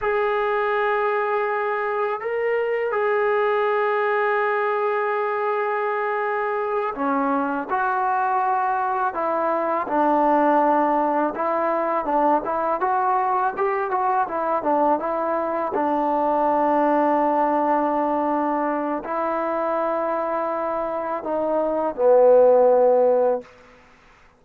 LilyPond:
\new Staff \with { instrumentName = "trombone" } { \time 4/4 \tempo 4 = 82 gis'2. ais'4 | gis'1~ | gis'4. cis'4 fis'4.~ | fis'8 e'4 d'2 e'8~ |
e'8 d'8 e'8 fis'4 g'8 fis'8 e'8 | d'8 e'4 d'2~ d'8~ | d'2 e'2~ | e'4 dis'4 b2 | }